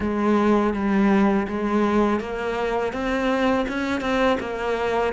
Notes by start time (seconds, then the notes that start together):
0.00 G#3
0.73 G3
1.48 G#3
2.20 A#3
2.92 C4
3.68 C#4
4.00 C4
4.40 A#3